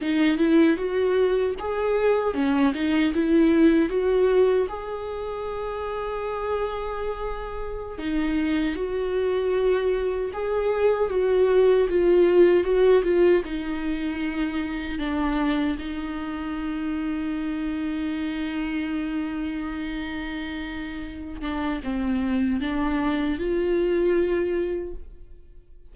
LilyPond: \new Staff \with { instrumentName = "viola" } { \time 4/4 \tempo 4 = 77 dis'8 e'8 fis'4 gis'4 cis'8 dis'8 | e'4 fis'4 gis'2~ | gis'2~ gis'16 dis'4 fis'8.~ | fis'4~ fis'16 gis'4 fis'4 f'8.~ |
f'16 fis'8 f'8 dis'2 d'8.~ | d'16 dis'2.~ dis'8.~ | dis'2.~ dis'8 d'8 | c'4 d'4 f'2 | }